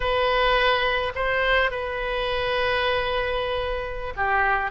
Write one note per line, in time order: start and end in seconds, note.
0.00 1.12 B4
1.15 1.70 C5
1.70 4.13 B4
4.16 4.71 G4